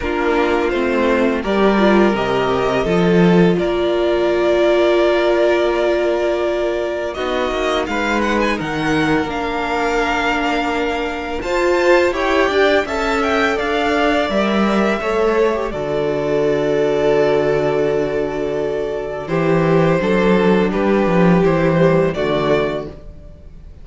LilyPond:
<<
  \new Staff \with { instrumentName = "violin" } { \time 4/4 \tempo 4 = 84 ais'4 c''4 d''4 dis''4~ | dis''4 d''2.~ | d''2 dis''4 f''8 fis''16 gis''16 | fis''4 f''2. |
a''4 g''4 a''8 g''8 f''4 | e''2 d''2~ | d''2. c''4~ | c''4 b'4 c''4 d''4 | }
  \new Staff \with { instrumentName = "violin" } { \time 4/4 f'2 ais'2 | a'4 ais'2.~ | ais'2 fis'4 b'4 | ais'1 |
c''4 cis''8 d''8 e''4 d''4~ | d''4 cis''4 a'2~ | a'2. g'4 | a'4 g'2 fis'4 | }
  \new Staff \with { instrumentName = "viola" } { \time 4/4 d'4 c'4 g'8 f'8 g'4 | f'1~ | f'2 dis'2~ | dis'4 d'2. |
f'4 g'4 a'2 | ais'4 a'8. g'16 fis'2~ | fis'2. e'4 | d'2 e'8 g8 a4 | }
  \new Staff \with { instrumentName = "cello" } { \time 4/4 ais4 a4 g4 c4 | f4 ais2.~ | ais2 b8 ais8 gis4 | dis4 ais2. |
f'4 e'8 d'8 cis'4 d'4 | g4 a4 d2~ | d2. e4 | fis4 g8 f8 e4 d4 | }
>>